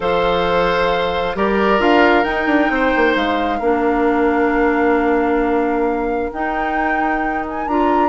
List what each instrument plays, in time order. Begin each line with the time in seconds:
0.00 bassoon F3, clarinet A4, oboe C5, flute F5
1.35 bassoon G3, clarinet G4, oboe A#4, flute D5
1.78 bassoon D4, clarinet F4, flute F5
2.24 bassoon D#4, clarinet D#4, flute G5
2.46 bassoon D4
2.69 bassoon C4, oboe C5
2.95 bassoon A#3
3.15 bassoon G#3, flute F5
3.58 bassoon A#3, clarinet D4, oboe A#4
6.32 clarinet D#4, bassoon D#4, flute G5
7.48 flute G#5
7.67 bassoon D4, clarinet F4, flute A#5